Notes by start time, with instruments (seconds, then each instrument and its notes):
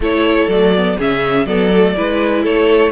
0.00 cello A3, viola E4, violin A4 C#5
0.48 cello F#3, viola A3, violin D5
0.76 viola B3
0.97 cello C#3, viola C#4, violin G#4 E5
1.45 cello F#3, viola B3, violin A4 D5
1.74 viola A3
1.95 cello G#3, viola E4, violin B4
2.43 cello A3, violin A4 C#5